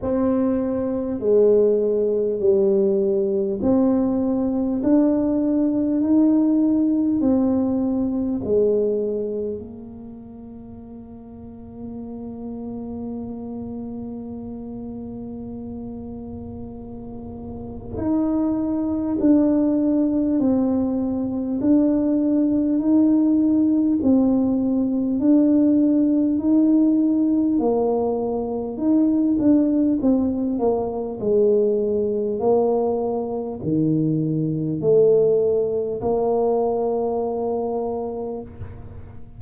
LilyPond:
\new Staff \with { instrumentName = "tuba" } { \time 4/4 \tempo 4 = 50 c'4 gis4 g4 c'4 | d'4 dis'4 c'4 gis4 | ais1~ | ais2. dis'4 |
d'4 c'4 d'4 dis'4 | c'4 d'4 dis'4 ais4 | dis'8 d'8 c'8 ais8 gis4 ais4 | dis4 a4 ais2 | }